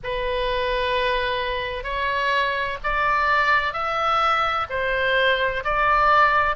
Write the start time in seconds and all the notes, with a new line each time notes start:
0.03 B4
1.83 C#5
2.83 D5
3.73 E5
4.69 C5
5.64 D5